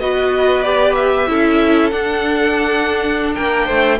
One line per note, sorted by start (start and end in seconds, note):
0.00 1.28 B3
0.00 0.64 F#4
0.00 1.29 B4
0.00 0.62 D#5
0.62 1.27 G4
0.62 0.94 D5
0.95 1.90 E5
1.27 1.92 C#4
1.27 1.91 E4
1.27 3.35 A4
1.90 3.99 D4
1.90 3.36 D4
1.90 3.34 F#5
3.35 3.70 A#3
3.35 3.66 A#4
3.35 3.99 G5
3.66 4.00 A3
3.66 3.98 C5